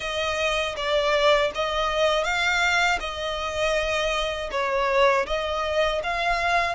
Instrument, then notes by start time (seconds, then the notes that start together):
violin
0.00 D#5
0.76 D5
1.54 D#5
2.24 F5
3.00 D#5
4.51 C#5
5.26 D#5
6.03 F5